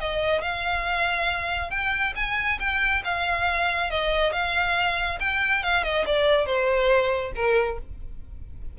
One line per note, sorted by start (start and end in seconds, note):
0.00 0.42 D#5
0.42 1.71 F5
1.71 2.14 G5
2.15 2.59 G#5
2.60 3.03 G5
3.04 3.90 F5
3.90 4.32 D#5
4.32 5.19 F5
5.20 5.63 G5
5.63 5.83 F5
5.83 6.05 D#5
6.06 6.46 D5
6.46 7.32 C5
7.35 7.78 A#4